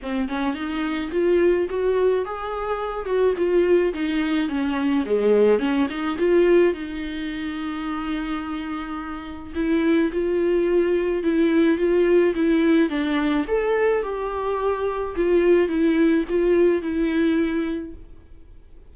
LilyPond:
\new Staff \with { instrumentName = "viola" } { \time 4/4 \tempo 4 = 107 c'8 cis'8 dis'4 f'4 fis'4 | gis'4. fis'8 f'4 dis'4 | cis'4 gis4 cis'8 dis'8 f'4 | dis'1~ |
dis'4 e'4 f'2 | e'4 f'4 e'4 d'4 | a'4 g'2 f'4 | e'4 f'4 e'2 | }